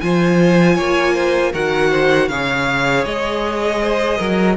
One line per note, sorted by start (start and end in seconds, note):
0.00 0.78 F3
0.00 1.53 F4
0.00 0.75 C5
0.00 1.52 G#5
0.75 1.53 A#3
0.75 1.13 C#5
1.13 1.51 C5
1.52 2.29 D#3
1.52 2.29 F#4
1.52 1.90 A#4
1.52 2.28 F#5
1.90 2.28 C5
2.28 3.04 C#3
2.28 4.57 G#4
2.28 3.81 C#5
2.28 3.04 F5
3.04 4.18 G#3
3.04 4.56 D#5
3.81 4.18 C5
4.18 4.57 F#3
4.18 4.56 A#4